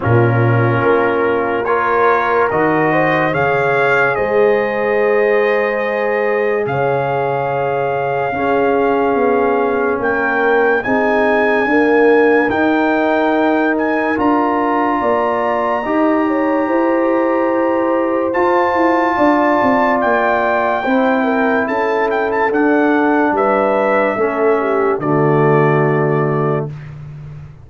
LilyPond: <<
  \new Staff \with { instrumentName = "trumpet" } { \time 4/4 \tempo 4 = 72 ais'2 cis''4 dis''4 | f''4 dis''2. | f''1 | g''4 gis''2 g''4~ |
g''8 gis''8 ais''2.~ | ais''2 a''2 | g''2 a''8 g''16 a''16 fis''4 | e''2 d''2 | }
  \new Staff \with { instrumentName = "horn" } { \time 4/4 f'2 ais'4. c''8 | cis''4 c''2. | cis''2 gis'2 | ais'4 gis'4 ais'2~ |
ais'2 d''4 dis''8 cis''8 | c''2. d''4~ | d''4 c''8 ais'8 a'2 | b'4 a'8 g'8 fis'2 | }
  \new Staff \with { instrumentName = "trombone" } { \time 4/4 cis'2 f'4 fis'4 | gis'1~ | gis'2 cis'2~ | cis'4 dis'4 ais4 dis'4~ |
dis'4 f'2 g'4~ | g'2 f'2~ | f'4 e'2 d'4~ | d'4 cis'4 a2 | }
  \new Staff \with { instrumentName = "tuba" } { \time 4/4 ais,4 ais2 dis4 | cis4 gis2. | cis2 cis'4 b4 | ais4 c'4 d'4 dis'4~ |
dis'4 d'4 ais4 dis'4 | e'2 f'8 e'8 d'8 c'8 | ais4 c'4 cis'4 d'4 | g4 a4 d2 | }
>>